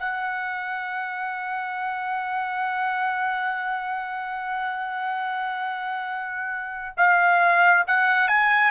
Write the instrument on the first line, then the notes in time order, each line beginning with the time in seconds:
trumpet
0.00 F#5
6.98 F5
7.88 F#5
8.28 G#5